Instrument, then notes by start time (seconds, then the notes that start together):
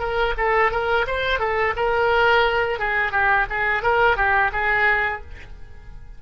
oboe
0.00 A#4
0.38 A4
0.72 A#4
1.07 C5
1.39 A4
1.76 A#4
2.79 G#4
3.12 G4
3.50 G#4
3.83 A#4
4.17 G4
4.53 G#4